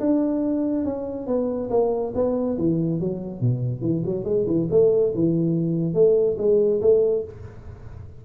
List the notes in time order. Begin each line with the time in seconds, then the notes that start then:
0.00 D4
0.85 C#4
1.27 B3
1.70 A#3
2.15 B3
2.58 E3
3.00 F#3
3.41 B2
3.81 E3
4.06 F#3
4.24 G#3
4.47 E3
4.71 A3
5.15 E3
5.94 A3
6.38 G#3
6.81 A3